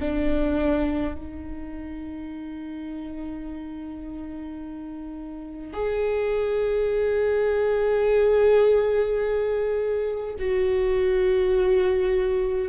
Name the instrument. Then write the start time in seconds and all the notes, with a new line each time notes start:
viola
0.00 D4
1.14 D#4
5.74 G#4
10.39 F#4